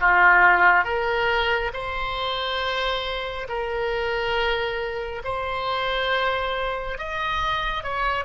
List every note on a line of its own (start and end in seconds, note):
0.00 0.84 F4
0.84 1.71 A#4
1.73 3.47 C5
3.48 5.22 A#4
5.24 6.98 C5
6.98 7.83 D#5
7.83 8.25 C#5